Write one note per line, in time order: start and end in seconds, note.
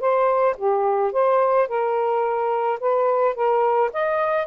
0.00 0.56 C5
0.57 1.12 G4
1.12 1.68 C5
1.68 2.79 A#4
2.80 3.35 B4
3.35 3.90 A#4
3.93 4.46 D#5